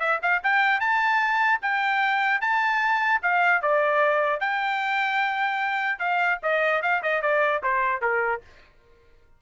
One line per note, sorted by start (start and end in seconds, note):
0.00 0.20 E5
0.23 0.43 F5
0.44 0.81 G5
0.81 1.61 A5
1.62 2.41 G5
2.41 3.21 A5
3.23 3.62 F5
3.62 4.41 D5
4.41 5.99 G5
5.99 6.39 F5
6.43 6.83 D#5
6.83 7.03 F5
7.03 7.22 D#5
7.22 7.62 D5
7.63 8.02 C5
8.02 8.42 A#4